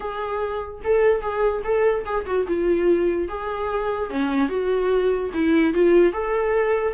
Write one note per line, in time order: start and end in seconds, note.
0.00 0.81 G#4
0.83 1.21 A4
1.21 1.62 G#4
1.64 2.04 A4
2.05 2.25 G#4
2.25 2.46 F#4
2.47 3.28 F4
3.28 4.10 G#4
4.10 4.48 C#4
4.48 5.30 F#4
5.33 5.73 E4
5.73 6.12 F4
6.12 6.93 A4